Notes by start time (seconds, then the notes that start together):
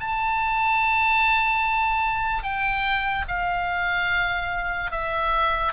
0.00 A5
2.44 G5
3.28 F5
4.92 E5